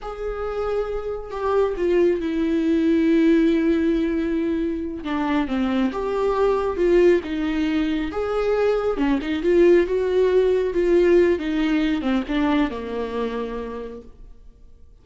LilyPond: \new Staff \with { instrumentName = "viola" } { \time 4/4 \tempo 4 = 137 gis'2. g'4 | f'4 e'2.~ | e'2.~ e'8 d'8~ | d'8 c'4 g'2 f'8~ |
f'8 dis'2 gis'4.~ | gis'8 cis'8 dis'8 f'4 fis'4.~ | fis'8 f'4. dis'4. c'8 | d'4 ais2. | }